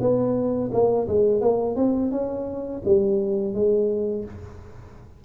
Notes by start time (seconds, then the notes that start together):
0.00 B3
0.72 A#3
1.08 G#3
1.41 A#3
1.76 C4
2.11 C#4
2.85 G3
3.54 G#3